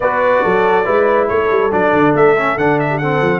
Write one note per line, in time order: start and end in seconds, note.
0.00 0.43 B3
0.00 0.84 F#4
0.00 0.42 B4
0.00 1.28 D5
0.42 0.87 F#3
0.42 0.85 A4
0.84 1.29 G#3
0.84 1.70 E4
0.84 1.28 B4
1.28 1.50 A3
1.28 2.89 A4
1.28 1.71 C#5
1.50 1.72 G3
1.71 1.93 F#3
1.71 2.36 D4
1.71 2.15 D5
1.93 2.14 D3
2.14 2.57 A3
2.14 2.57 E5
2.37 2.58 C#4
2.57 3.21 D3
2.57 3.01 D4
2.57 2.79 F#5
2.79 2.98 E5
2.89 2.98 G4
2.98 3.40 C4
2.98 3.40 A4
2.98 3.40 F#5
3.21 3.40 F3